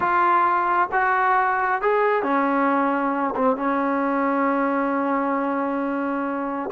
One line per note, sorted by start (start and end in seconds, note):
0.00 0.89 F4
0.92 1.81 F#4
1.81 2.22 G#4
2.22 3.34 C#4
3.35 3.56 C4
3.56 6.69 C#4